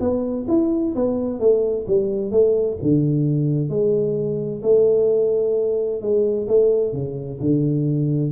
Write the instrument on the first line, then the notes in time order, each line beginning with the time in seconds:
tuba
0.00 B3
0.48 E4
0.95 B3
1.40 A3
1.88 G3
2.31 A3
2.82 D3
3.69 G#3
4.63 A3
6.01 G#3
6.48 A3
6.93 C#3
7.40 D3